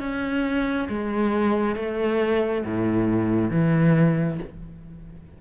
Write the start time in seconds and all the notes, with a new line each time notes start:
0.00 C#4
0.89 G#3
1.76 A3
2.66 A2
3.51 E3